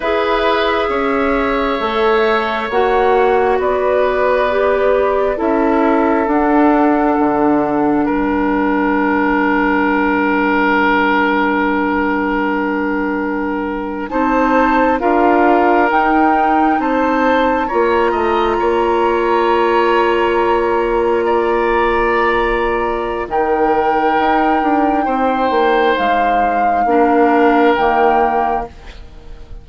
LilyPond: <<
  \new Staff \with { instrumentName = "flute" } { \time 4/4 \tempo 4 = 67 e''2. fis''4 | d''2 e''4 fis''4~ | fis''4 g''2.~ | g''2.~ g''8. a''16~ |
a''8. f''4 g''4 a''4 ais''16~ | ais''1~ | ais''2 g''2~ | g''4 f''2 g''4 | }
  \new Staff \with { instrumentName = "oboe" } { \time 4/4 b'4 cis''2. | b'2 a'2~ | a'4 ais'2.~ | ais'2.~ ais'8. c''16~ |
c''8. ais'2 c''4 cis''16~ | cis''16 dis''8 cis''2. d''16~ | d''2 ais'2 | c''2 ais'2 | }
  \new Staff \with { instrumentName = "clarinet" } { \time 4/4 gis'2 a'4 fis'4~ | fis'4 g'4 e'4 d'4~ | d'1~ | d'2.~ d'8. dis'16~ |
dis'8. f'4 dis'2 f'16~ | f'1~ | f'2 dis'2~ | dis'2 d'4 ais4 | }
  \new Staff \with { instrumentName = "bassoon" } { \time 4/4 e'4 cis'4 a4 ais4 | b2 cis'4 d'4 | d4 g2.~ | g2.~ g8. c'16~ |
c'8. d'4 dis'4 c'4 ais16~ | ais16 a8 ais2.~ ais16~ | ais2 dis4 dis'8 d'8 | c'8 ais8 gis4 ais4 dis4 | }
>>